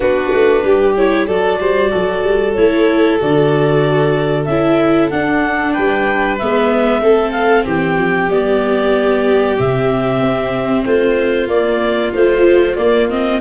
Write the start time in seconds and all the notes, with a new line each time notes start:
0.00 B3 D4 F#4 B4
0.32 A3
0.63 G3 G4
0.97 E4 C#5
1.27 F#3 F#4 A4 D5
1.59 G3 C5
1.90 F#3 A4
2.23 G3
2.54 A3 E4 C#5
3.18 D3 F#4 D5
4.45 C#4 E4 E5
5.10 D4 F#5
5.72 G3 B4 G5
6.38 G#3 B3 E5
7.00 A3 C4 A4
7.31 F5
7.64 E3 G4 G5
7.97 F3
8.28 G3 B3 D5
9.57 C3 C4 E5
10.20 C4
10.83 A3 F4 C5
11.47 A#3 D5
12.13 F3 A3 C5
12.75 A#3 D5
13.09 C4 D#5